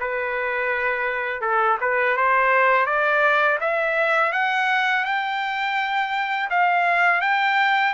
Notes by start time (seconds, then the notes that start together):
0.00 B4
1.42 A4
1.81 B4
2.17 C5
2.86 D5
3.61 E5
4.32 F#5
5.05 G5
6.50 F5
7.21 G5